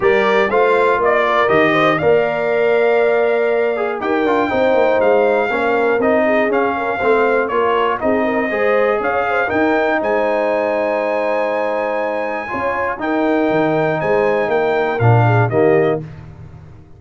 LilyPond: <<
  \new Staff \with { instrumentName = "trumpet" } { \time 4/4 \tempo 4 = 120 d''4 f''4 d''4 dis''4 | f''1 | g''2 f''2 | dis''4 f''2 cis''4 |
dis''2 f''4 g''4 | gis''1~ | gis''2 g''2 | gis''4 g''4 f''4 dis''4 | }
  \new Staff \with { instrumentName = "horn" } { \time 4/4 ais'4 c''4 dis''8 ais'4 c''8 | d''1 | ais'4 c''2 ais'4~ | ais'8 gis'4 ais'8 c''4 ais'4 |
gis'8 ais'8 c''4 cis''8 c''8 ais'4 | c''1~ | c''4 cis''4 ais'2 | c''4 ais'4. gis'8 g'4 | }
  \new Staff \with { instrumentName = "trombone" } { \time 4/4 g'4 f'2 g'4 | ais'2.~ ais'8 gis'8 | g'8 f'8 dis'2 cis'4 | dis'4 cis'4 c'4 f'4 |
dis'4 gis'2 dis'4~ | dis'1~ | dis'4 f'4 dis'2~ | dis'2 d'4 ais4 | }
  \new Staff \with { instrumentName = "tuba" } { \time 4/4 g4 a4 ais4 dis4 | ais1 | dis'8 d'8 c'8 ais8 gis4 ais4 | c'4 cis'4 a4 ais4 |
c'4 gis4 cis'4 dis'4 | gis1~ | gis4 cis'4 dis'4 dis4 | gis4 ais4 ais,4 dis4 | }
>>